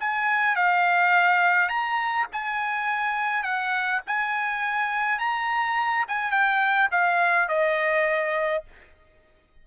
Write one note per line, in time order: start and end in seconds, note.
0.00 0.56 G#5
0.56 1.69 F5
1.69 2.27 A#5
2.33 3.43 G#5
3.43 4.01 F#5
4.07 5.19 G#5
5.19 6.06 A#5
6.08 6.31 G#5
6.31 6.89 G5
6.91 7.49 F5
7.49 8.64 D#5